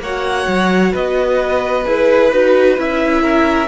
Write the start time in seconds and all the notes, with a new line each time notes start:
0.00 A#3 F#4 C#5 F#5
0.48 F#3
0.93 B3 B4 D#5
1.85 E4 G#4 B4
2.32 D#4 F#4
2.78 C#4 E4 E5
3.22 A#4